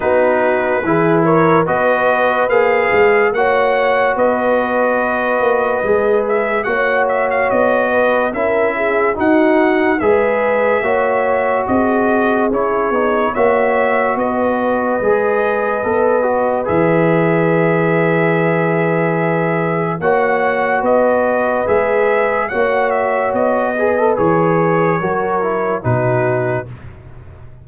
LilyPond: <<
  \new Staff \with { instrumentName = "trumpet" } { \time 4/4 \tempo 4 = 72 b'4. cis''8 dis''4 f''4 | fis''4 dis''2~ dis''8 e''8 | fis''8 e''16 f''16 dis''4 e''4 fis''4 | e''2 dis''4 cis''4 |
e''4 dis''2. | e''1 | fis''4 dis''4 e''4 fis''8 e''8 | dis''4 cis''2 b'4 | }
  \new Staff \with { instrumentName = "horn" } { \time 4/4 fis'4 gis'8 ais'8 b'2 | cis''4 b'2. | cis''4. b'8 ais'8 gis'8 fis'4 | b'4 cis''4 gis'2 |
cis''4 b'2.~ | b'1 | cis''4 b'2 cis''4~ | cis''8 b'4. ais'4 fis'4 | }
  \new Staff \with { instrumentName = "trombone" } { \time 4/4 dis'4 e'4 fis'4 gis'4 | fis'2. gis'4 | fis'2 e'4 dis'4 | gis'4 fis'2 e'8 dis'8 |
fis'2 gis'4 a'8 fis'8 | gis'1 | fis'2 gis'4 fis'4~ | fis'8 gis'16 a'16 gis'4 fis'8 e'8 dis'4 | }
  \new Staff \with { instrumentName = "tuba" } { \time 4/4 b4 e4 b4 ais8 gis8 | ais4 b4. ais8 gis4 | ais4 b4 cis'4 dis'4 | gis4 ais4 c'4 cis'8 b8 |
ais4 b4 gis4 b4 | e1 | ais4 b4 gis4 ais4 | b4 e4 fis4 b,4 | }
>>